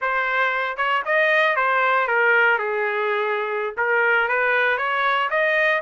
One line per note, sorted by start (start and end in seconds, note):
0.01 0.76 C5
0.76 1.02 C#5
1.05 1.56 D#5
1.56 2.07 C5
2.07 2.58 A#4
2.58 3.74 G#4
3.77 4.28 A#4
4.28 4.77 B4
4.77 5.29 C#5
5.29 5.81 D#5